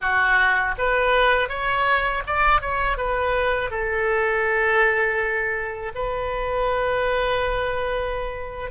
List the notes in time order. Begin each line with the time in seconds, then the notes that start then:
0.01 F#4
0.78 B4
1.48 C#5
2.26 D5
2.61 C#5
2.97 B4
3.70 A4
5.94 B4